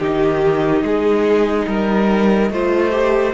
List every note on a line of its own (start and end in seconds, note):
0.00 0.83 D#3
0.00 2.51 D#4
0.00 0.83 G4
0.00 3.33 D#5
0.83 1.66 G#3
0.83 1.68 G#4
1.67 2.50 G3
1.67 2.51 A#4
2.50 3.33 A3
2.50 2.91 F4
2.50 3.33 C5
2.91 3.33 G4